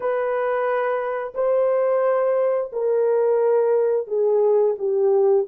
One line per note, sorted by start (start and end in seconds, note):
0.00 1.33 B4
1.34 2.70 C5
2.72 4.07 A#4
4.07 4.75 G#4
4.78 5.46 G4